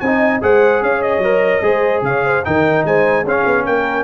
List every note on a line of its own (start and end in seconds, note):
0.00 0.42 C4
0.00 0.42 D#4
0.00 0.43 D#5
0.00 0.41 G#5
0.42 0.82 G#3
0.42 1.23 G#4
0.42 0.83 C5
0.42 0.83 F#5
0.82 1.18 C#4
0.82 1.64 C#5
0.82 1.02 F5
1.02 2.03 D#5
1.18 1.59 F#3
1.18 1.63 A#4
1.62 2.02 G#3
1.62 2.44 G#4
1.62 2.04 C5
2.02 2.42 C#3
2.02 2.25 C#5
2.02 2.45 F5
2.25 2.46 C5
2.45 2.85 D#3
2.45 3.26 D#4
2.45 2.87 A#4
2.45 2.86 G5
2.85 3.24 G#3
2.85 3.24 C5
2.85 3.27 G#5
3.24 3.44 C#4
3.24 4.04 C#4
3.24 3.65 G#4
3.24 3.66 F5
3.46 3.66 B3
3.65 4.04 A#3
3.65 4.04 A#4
3.65 4.04 G5